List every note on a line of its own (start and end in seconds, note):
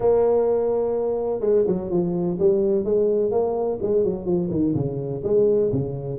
0.00 1.40 A#3
1.40 1.64 G#3
1.67 1.90 F#3
1.90 2.38 F3
2.39 2.84 G3
2.84 3.31 G#3
3.31 3.79 A#3
3.82 4.03 G#3
4.03 4.25 F#3
4.25 4.48 F3
4.50 4.74 D#3
4.74 5.22 C#3
5.23 5.71 G#3
5.72 6.19 C#3